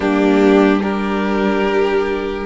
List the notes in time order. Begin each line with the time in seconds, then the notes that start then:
0.00 G3 A#3 D4 G4
0.82 D4 G4 A#4